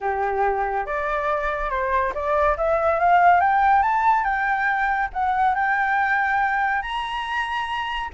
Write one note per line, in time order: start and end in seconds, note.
0.01 0.85 G4
0.85 1.70 D5
1.70 2.12 C5
2.14 2.56 D5
2.57 2.99 E5
2.99 3.40 F5
3.40 3.82 G5
3.82 4.23 A5
4.23 5.09 G5
5.13 5.54 F#5
5.54 6.82 G5
6.82 8.09 A#5